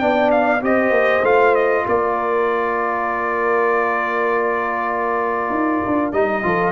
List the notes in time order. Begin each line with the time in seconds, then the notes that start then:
0.00 B3 D4 D5 G5
0.32 F5
0.62 C4 G4 C5 D#5
0.91 A#3
1.23 A3 F4 F5
1.55 D#5
1.86 A#3 A#4 D5
5.50 D#4
5.86 D4
6.13 G3 D#4 D#5
6.43 F3 F4 A4